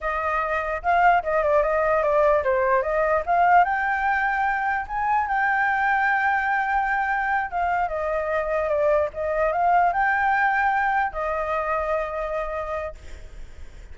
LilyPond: \new Staff \with { instrumentName = "flute" } { \time 4/4 \tempo 4 = 148 dis''2 f''4 dis''8 d''8 | dis''4 d''4 c''4 dis''4 | f''4 g''2. | gis''4 g''2.~ |
g''2~ g''8 f''4 dis''8~ | dis''4. d''4 dis''4 f''8~ | f''8 g''2. dis''8~ | dis''1 | }